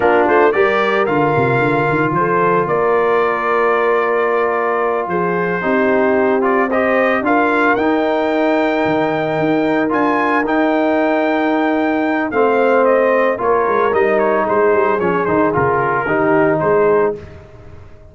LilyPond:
<<
  \new Staff \with { instrumentName = "trumpet" } { \time 4/4 \tempo 4 = 112 ais'8 c''8 d''4 f''2 | c''4 d''2.~ | d''4. c''2~ c''8 | d''8 dis''4 f''4 g''4.~ |
g''2~ g''8 gis''4 g''8~ | g''2. f''4 | dis''4 cis''4 dis''8 cis''8 c''4 | cis''8 c''8 ais'2 c''4 | }
  \new Staff \with { instrumentName = "horn" } { \time 4/4 f'4 ais'2. | a'4 ais'2.~ | ais'4. gis'4 g'4.~ | g'8 c''4 ais'2~ ais'8~ |
ais'1~ | ais'2. c''4~ | c''4 ais'2 gis'4~ | gis'2 g'4 gis'4 | }
  \new Staff \with { instrumentName = "trombone" } { \time 4/4 d'4 g'4 f'2~ | f'1~ | f'2~ f'8 dis'4. | f'8 g'4 f'4 dis'4.~ |
dis'2~ dis'8 f'4 dis'8~ | dis'2. c'4~ | c'4 f'4 dis'2 | cis'8 dis'8 f'4 dis'2 | }
  \new Staff \with { instrumentName = "tuba" } { \time 4/4 ais8 a8 g4 d8 c8 d8 dis8 | f4 ais2.~ | ais4. f4 c'4.~ | c'4. d'4 dis'4.~ |
dis'8 dis4 dis'4 d'4 dis'8~ | dis'2. a4~ | a4 ais8 gis8 g4 gis8 g8 | f8 dis8 cis4 dis4 gis4 | }
>>